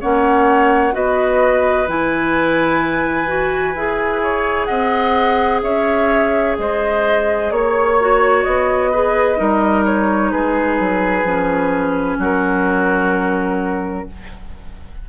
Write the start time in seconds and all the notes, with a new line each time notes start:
0.00 A#3 C#4 C#5 F#5
0.92 B3 F#4 B4 D#5
1.87 E3 E4 G#5
3.26 F#4
3.74 E4 G#4
4.22 C#5
4.65 C4 D#5 F#5
5.62 C#4 C#5 E5
6.58 G#3 C5 D#5
7.51 A#3 C#5
8.00 F#4
8.43 B3 D#5
8.91 G#4 B4
9.36 G3 D#4 A#4
9.85 C#5
10.31 G#3 G#4 B4
10.79 F#3
11.23 F3 C#4
12.18 F#3 F#4 A#4